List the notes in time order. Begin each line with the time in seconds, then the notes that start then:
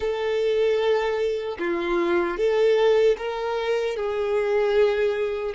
0.00 A4
1.59 F4
2.37 A4
3.17 A#4
3.96 G#4